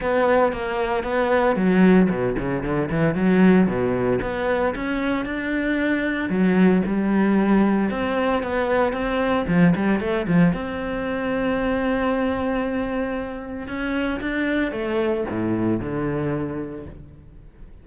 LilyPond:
\new Staff \with { instrumentName = "cello" } { \time 4/4 \tempo 4 = 114 b4 ais4 b4 fis4 | b,8 cis8 d8 e8 fis4 b,4 | b4 cis'4 d'2 | fis4 g2 c'4 |
b4 c'4 f8 g8 a8 f8 | c'1~ | c'2 cis'4 d'4 | a4 a,4 d2 | }